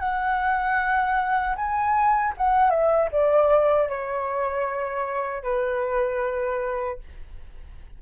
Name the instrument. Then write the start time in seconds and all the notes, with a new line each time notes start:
flute
0.00 F#5
1.56 G#5
2.38 F#5
2.71 E5
3.12 D5
3.90 C#5
5.43 B4